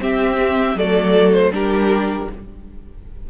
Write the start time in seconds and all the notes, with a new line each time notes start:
0.00 C4 G4 E5
0.75 F#3 A3 A4 D5
1.34 C5
1.52 G3 D4 G4 A#4